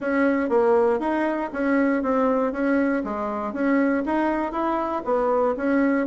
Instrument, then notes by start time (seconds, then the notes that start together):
bassoon
0.00 C#4
0.49 A#3
0.99 D#4
1.52 C#4
2.02 C4
2.52 C#4
3.04 G#3
3.53 C#4
4.05 D#4
4.52 E4
5.04 B3
5.56 C#4